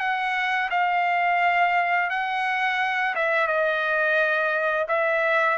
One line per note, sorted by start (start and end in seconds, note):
0.00 0.70 F#5
0.71 2.10 F5
2.10 3.15 F#5
3.16 3.47 E5
3.47 4.87 D#5
4.88 5.58 E5